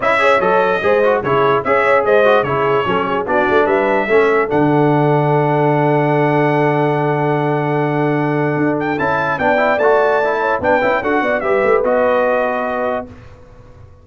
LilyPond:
<<
  \new Staff \with { instrumentName = "trumpet" } { \time 4/4 \tempo 4 = 147 e''4 dis''2 cis''4 | e''4 dis''4 cis''2 | d''4 e''2 fis''4~ | fis''1~ |
fis''1~ | fis''4. g''8 a''4 g''4 | a''2 g''4 fis''4 | e''4 dis''2. | }
  \new Staff \with { instrumentName = "horn" } { \time 4/4 dis''8 cis''4. c''4 gis'4 | cis''4 c''4 gis'4 a'8 gis'8 | fis'4 b'4 a'2~ | a'1~ |
a'1~ | a'2. d''4~ | d''4. cis''8 b'4 a'8 d''8 | b'1 | }
  \new Staff \with { instrumentName = "trombone" } { \time 4/4 e'8 gis'8 a'4 gis'8 fis'8 e'4 | gis'4. fis'8 e'4 cis'4 | d'2 cis'4 d'4~ | d'1~ |
d'1~ | d'2 e'4 d'8 e'8 | fis'4 e'4 d'8 e'8 fis'4 | g'4 fis'2. | }
  \new Staff \with { instrumentName = "tuba" } { \time 4/4 cis'4 fis4 gis4 cis4 | cis'4 gis4 cis4 fis4 | b8 a8 g4 a4 d4~ | d1~ |
d1~ | d4 d'4 cis'4 b4 | a2 b8 cis'8 d'8 b8 | g8 a8 b2. | }
>>